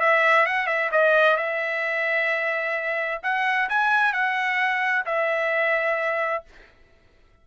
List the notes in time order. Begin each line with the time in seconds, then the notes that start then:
0.00 E5
0.46 F#5
0.67 E5
0.91 D#5
1.37 E5
3.23 F#5
3.69 G#5
4.13 F#5
5.06 E5